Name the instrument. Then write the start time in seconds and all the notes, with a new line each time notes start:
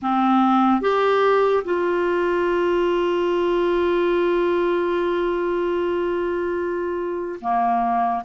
clarinet
0.02 C4
0.81 G4
1.64 F4
7.40 A#3